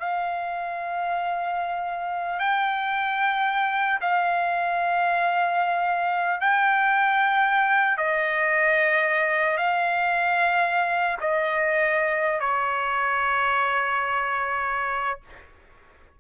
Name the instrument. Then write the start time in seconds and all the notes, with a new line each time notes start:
trumpet
0.00 F5
2.40 G5
4.01 F5
6.41 G5
7.97 D#5
9.57 F5
11.21 D#5
12.40 C#5